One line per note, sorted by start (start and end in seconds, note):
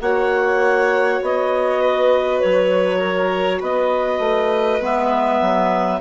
0.00 1.21 A#3
0.00 4.80 F#4
0.00 1.81 C#5
0.00 1.21 F#5
1.22 2.42 B3
1.22 2.40 D#5
1.81 2.99 B4
2.40 3.62 F#3
2.40 3.60 C#5
2.99 3.59 A#4
3.60 4.19 B3
3.60 6.00 B4
3.60 4.83 D#5
4.19 4.79 A3
4.81 5.41 G#3
4.81 6.01 B3
4.81 6.01 E5
5.41 6.01 F#3